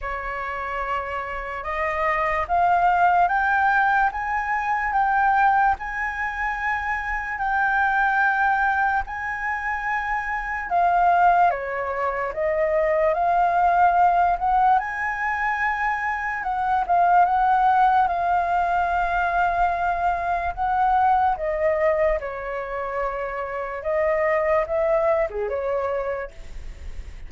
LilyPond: \new Staff \with { instrumentName = "flute" } { \time 4/4 \tempo 4 = 73 cis''2 dis''4 f''4 | g''4 gis''4 g''4 gis''4~ | gis''4 g''2 gis''4~ | gis''4 f''4 cis''4 dis''4 |
f''4. fis''8 gis''2 | fis''8 f''8 fis''4 f''2~ | f''4 fis''4 dis''4 cis''4~ | cis''4 dis''4 e''8. gis'16 cis''4 | }